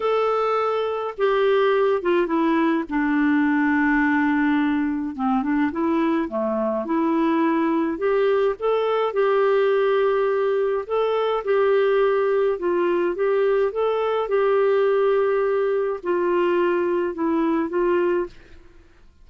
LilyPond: \new Staff \with { instrumentName = "clarinet" } { \time 4/4 \tempo 4 = 105 a'2 g'4. f'8 | e'4 d'2.~ | d'4 c'8 d'8 e'4 a4 | e'2 g'4 a'4 |
g'2. a'4 | g'2 f'4 g'4 | a'4 g'2. | f'2 e'4 f'4 | }